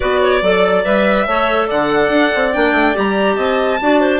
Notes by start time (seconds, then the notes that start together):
0.00 B3 F#4 B4 D5
0.22 C#5
0.41 F#3 A4 D5
0.84 G3 B4 E5
1.27 A3 A4 C#5
1.67 D3 D5 F#5
2.08 D4
2.34 C4
2.52 A#3 D4 G5
2.72 A3
2.94 G3 G4 A#5
3.36 C4 D#5 A5
3.81 D4 F#4 D5
4.00 C5